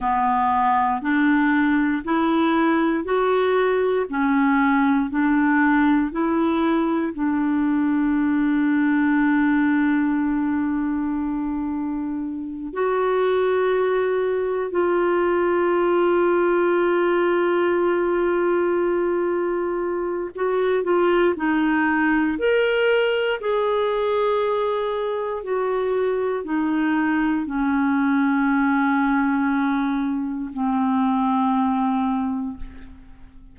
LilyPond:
\new Staff \with { instrumentName = "clarinet" } { \time 4/4 \tempo 4 = 59 b4 d'4 e'4 fis'4 | cis'4 d'4 e'4 d'4~ | d'1~ | d'8 fis'2 f'4.~ |
f'1 | fis'8 f'8 dis'4 ais'4 gis'4~ | gis'4 fis'4 dis'4 cis'4~ | cis'2 c'2 | }